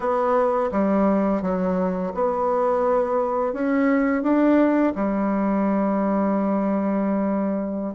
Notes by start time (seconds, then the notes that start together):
0.00 B3
0.71 G3
1.41 F#3
2.14 B3
3.53 C#4
4.22 D4
4.95 G3